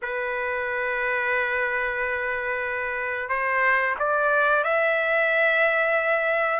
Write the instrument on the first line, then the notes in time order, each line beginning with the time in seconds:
trumpet
0.01 B4
3.29 C5
3.99 D5
4.64 E5